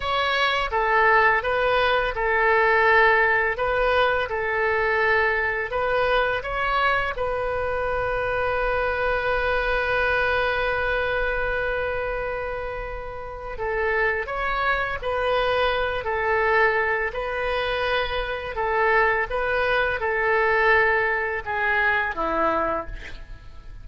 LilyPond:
\new Staff \with { instrumentName = "oboe" } { \time 4/4 \tempo 4 = 84 cis''4 a'4 b'4 a'4~ | a'4 b'4 a'2 | b'4 cis''4 b'2~ | b'1~ |
b'2. a'4 | cis''4 b'4. a'4. | b'2 a'4 b'4 | a'2 gis'4 e'4 | }